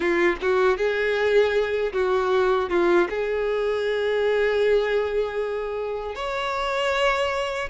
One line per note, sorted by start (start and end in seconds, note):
0.00 0.36 F4
0.41 0.77 F#4
0.77 1.92 G#4
1.92 2.69 F#4
2.69 3.08 F4
3.09 6.15 G#4
6.15 7.69 C#5